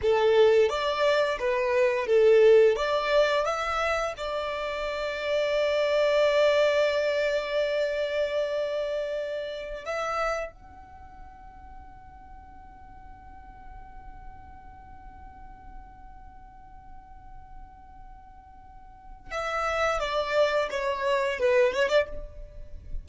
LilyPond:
\new Staff \with { instrumentName = "violin" } { \time 4/4 \tempo 4 = 87 a'4 d''4 b'4 a'4 | d''4 e''4 d''2~ | d''1~ | d''2~ d''16 e''4 fis''8.~ |
fis''1~ | fis''1~ | fis''1 | e''4 d''4 cis''4 b'8 cis''16 d''16 | }